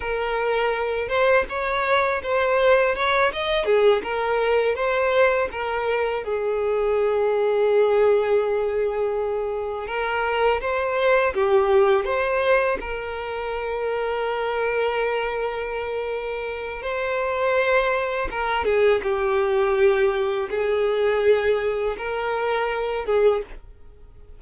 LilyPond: \new Staff \with { instrumentName = "violin" } { \time 4/4 \tempo 4 = 82 ais'4. c''8 cis''4 c''4 | cis''8 dis''8 gis'8 ais'4 c''4 ais'8~ | ais'8 gis'2.~ gis'8~ | gis'4. ais'4 c''4 g'8~ |
g'8 c''4 ais'2~ ais'8~ | ais'2. c''4~ | c''4 ais'8 gis'8 g'2 | gis'2 ais'4. gis'8 | }